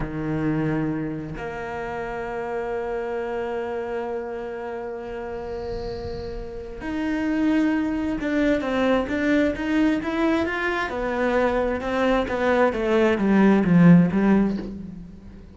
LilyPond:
\new Staff \with { instrumentName = "cello" } { \time 4/4 \tempo 4 = 132 dis2. ais4~ | ais1~ | ais1~ | ais2. dis'4~ |
dis'2 d'4 c'4 | d'4 dis'4 e'4 f'4 | b2 c'4 b4 | a4 g4 f4 g4 | }